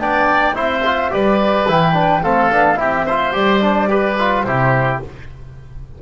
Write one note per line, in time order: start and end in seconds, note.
0.00 0.56 B3
0.00 0.54 D4
0.00 0.56 D5
0.00 0.56 G5
0.54 1.12 C4
0.54 0.82 E4
0.54 1.11 C5
0.54 1.13 E5
0.85 1.11 F4
1.11 1.69 G3
1.11 1.66 G4
1.11 2.23 B4
1.11 1.69 D5
1.68 2.23 E3
1.68 1.94 E4
1.68 2.24 G5
1.94 2.21 D4
2.23 2.51 A3
2.23 2.52 C4
2.23 2.79 A4
2.23 2.78 F5
2.52 2.77 B3
2.52 2.77 D4
2.77 3.33 C4
2.77 3.04 E4
2.77 3.06 G4
2.77 3.34 E5
3.06 3.33 F4
3.06 3.89 C5
3.33 4.44 G3
3.33 3.60 G4
3.33 4.42 D5
3.61 3.88 D4
3.88 4.16 G4
3.88 4.46 B4
4.19 4.47 F4
4.42 5.01 C3
4.42 5.02 E4
4.42 5.02 G4
4.42 4.98 C5